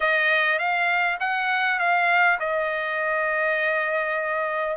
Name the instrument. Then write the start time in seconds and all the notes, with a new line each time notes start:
trumpet
0.00 D#5
0.58 F5
1.19 F#5
1.79 F5
2.39 D#5